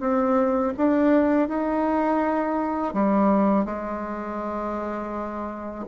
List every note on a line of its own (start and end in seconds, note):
0.00 0.73 C4
0.77 1.49 D4
1.49 2.94 D#4
2.94 3.66 G3
3.66 5.85 G#3